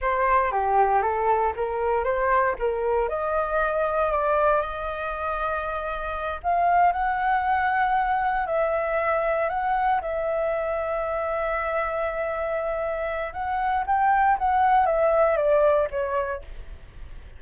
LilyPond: \new Staff \with { instrumentName = "flute" } { \time 4/4 \tempo 4 = 117 c''4 g'4 a'4 ais'4 | c''4 ais'4 dis''2 | d''4 dis''2.~ | dis''8 f''4 fis''2~ fis''8~ |
fis''8 e''2 fis''4 e''8~ | e''1~ | e''2 fis''4 g''4 | fis''4 e''4 d''4 cis''4 | }